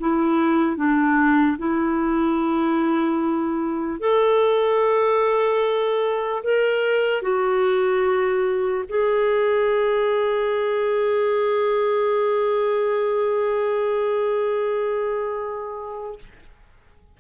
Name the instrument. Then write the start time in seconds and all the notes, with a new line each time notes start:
clarinet
0.00 E4
0.77 D4
1.58 E4
4.00 A4
6.43 A#4
7.22 F#4
8.89 G#4